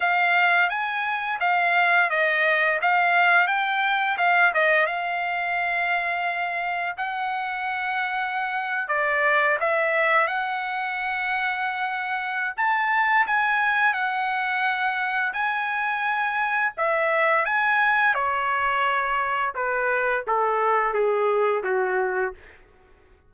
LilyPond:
\new Staff \with { instrumentName = "trumpet" } { \time 4/4 \tempo 4 = 86 f''4 gis''4 f''4 dis''4 | f''4 g''4 f''8 dis''8 f''4~ | f''2 fis''2~ | fis''8. d''4 e''4 fis''4~ fis''16~ |
fis''2 a''4 gis''4 | fis''2 gis''2 | e''4 gis''4 cis''2 | b'4 a'4 gis'4 fis'4 | }